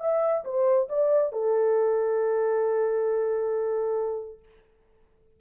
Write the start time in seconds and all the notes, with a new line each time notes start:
0.00 E5
0.44 C5
0.89 D5
1.32 A4